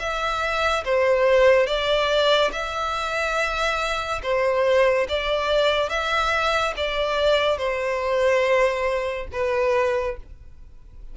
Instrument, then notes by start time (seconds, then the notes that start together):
violin
0.00 E5
0.85 C5
1.67 D5
2.53 E5
4.23 C5
5.09 D5
5.90 E5
6.77 D5
7.58 C5
9.33 B4